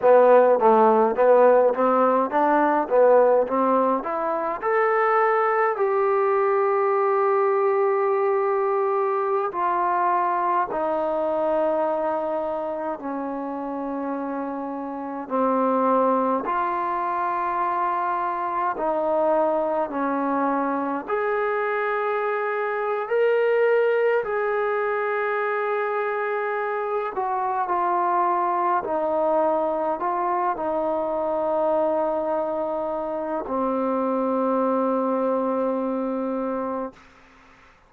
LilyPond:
\new Staff \with { instrumentName = "trombone" } { \time 4/4 \tempo 4 = 52 b8 a8 b8 c'8 d'8 b8 c'8 e'8 | a'4 g'2.~ | g'16 f'4 dis'2 cis'8.~ | cis'4~ cis'16 c'4 f'4.~ f'16~ |
f'16 dis'4 cis'4 gis'4.~ gis'16 | ais'4 gis'2~ gis'8 fis'8 | f'4 dis'4 f'8 dis'4.~ | dis'4 c'2. | }